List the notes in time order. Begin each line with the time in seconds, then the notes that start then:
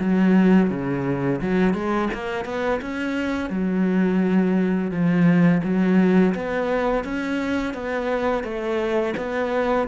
0.00 F#3
0.70 C#3
1.42 F#3
1.74 G#3
2.14 A#3
2.45 B3
2.82 C#4
3.50 F#3
4.91 F3
5.64 F#3
6.35 B3
7.04 C#4
7.74 B3
8.44 A3
9.17 B3